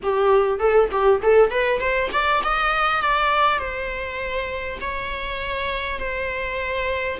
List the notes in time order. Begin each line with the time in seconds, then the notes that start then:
0.02 G4
0.59 A4
0.91 G4
1.22 A4
1.50 B4
1.80 C5
2.12 D5
2.44 D#5
3.01 D5
3.58 C5
4.80 C#5
5.99 C5